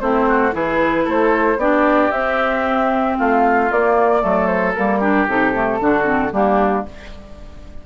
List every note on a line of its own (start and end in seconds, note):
0.00 0.53 A3
0.00 0.51 C4
0.00 0.28 E4
0.00 0.53 C5
0.28 0.54 F#4
0.51 1.06 E3
0.51 1.57 E4
0.51 1.04 G#4
0.51 1.08 B4
1.04 1.56 A3
1.04 1.57 A4
1.04 1.60 C5
1.56 2.09 B3
1.56 2.12 D4
1.56 3.17 G4
1.56 2.11 D5
2.11 3.17 C4
2.11 3.70 C4
2.11 3.16 E5
3.17 3.70 A3
3.17 4.22 F4
3.17 3.71 F5
3.70 4.23 A#3
3.70 4.21 A#3
3.70 4.46 D5
4.21 4.76 F#3
4.21 4.73 A3
4.21 4.99 A4
4.46 4.72 C5
4.74 5.27 G3
4.74 5.01 A#3
4.74 5.27 A#4
4.99 5.27 D4
4.99 5.78 G4
5.27 5.79 C3
5.27 5.53 D#4
5.27 6.32 A4
5.53 5.80 A3
5.80 6.32 D3
5.80 6.04 D4
5.80 6.32 F#4
6.04 6.30 C4
6.32 6.84 G3
6.32 6.86 A#3
6.32 6.85 D4
6.32 6.85 G4